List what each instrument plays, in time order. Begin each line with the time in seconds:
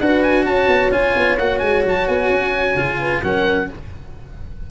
0.00 tuba D4, cello F#4, horn B4, oboe F#5
0.23 oboe G#5
0.46 tuba C#4, horn C#5, oboe A5
0.67 tuba B3
0.92 tuba C#4, cello F4, oboe G#5
1.16 tuba B3
1.38 tuba A#3, cello F#4, oboe F#5
1.59 tuba G#3, oboe G#5
1.85 tuba F#3, oboe A5
2.07 tuba B3, oboe G#5
2.29 tuba C#4
2.76 tuba C#3, cello F4
2.99 horn B4
3.23 tuba F#3, cello C#4, horn A#4, oboe F#5